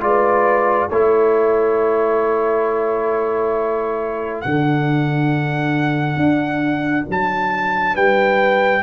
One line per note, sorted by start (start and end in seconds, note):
0.00 0.88 G#3
0.00 0.88 F4
0.00 0.90 B4
0.00 0.89 D5
0.89 4.44 A3
0.89 4.45 E4
0.89 7.94 A4
0.89 4.41 C#5
4.41 6.16 D3
4.41 8.82 D4
4.41 7.05 F#5
6.16 7.04 D4
7.08 7.95 F#3
7.08 7.96 A5
7.94 8.82 G3
7.94 8.82 B4
7.94 8.82 G5